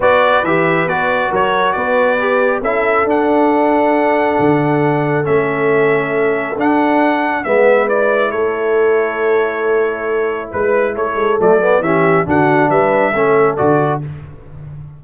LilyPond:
<<
  \new Staff \with { instrumentName = "trumpet" } { \time 4/4 \tempo 4 = 137 d''4 e''4 d''4 cis''4 | d''2 e''4 fis''4~ | fis''1 | e''2. fis''4~ |
fis''4 e''4 d''4 cis''4~ | cis''1 | b'4 cis''4 d''4 e''4 | fis''4 e''2 d''4 | }
  \new Staff \with { instrumentName = "horn" } { \time 4/4 b'2. ais'4 | b'2 a'2~ | a'1~ | a'1~ |
a'4 b'2 a'4~ | a'1 | b'4 a'2 g'4 | fis'4 b'4 a'2 | }
  \new Staff \with { instrumentName = "trombone" } { \time 4/4 fis'4 g'4 fis'2~ | fis'4 g'4 e'4 d'4~ | d'1 | cis'2. d'4~ |
d'4 b4 e'2~ | e'1~ | e'2 a8 b8 cis'4 | d'2 cis'4 fis'4 | }
  \new Staff \with { instrumentName = "tuba" } { \time 4/4 b4 e4 b4 fis4 | b2 cis'4 d'4~ | d'2 d2 | a2. d'4~ |
d'4 gis2 a4~ | a1 | gis4 a8 gis8 fis4 e4 | d4 g4 a4 d4 | }
>>